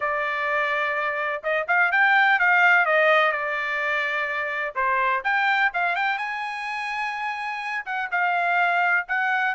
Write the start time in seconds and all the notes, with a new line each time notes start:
0.00 D5
1.43 D#5
1.67 F5
1.91 G5
2.39 F5
2.85 D#5
3.32 D5
4.75 C5
5.24 G5
5.73 F5
5.95 G5
6.18 G#5
7.85 F#5
8.11 F5
9.08 F#5